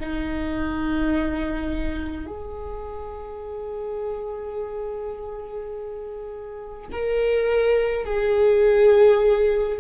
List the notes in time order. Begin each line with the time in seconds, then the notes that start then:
0.00 D#4
2.27 G#4
6.92 A#4
8.05 G#4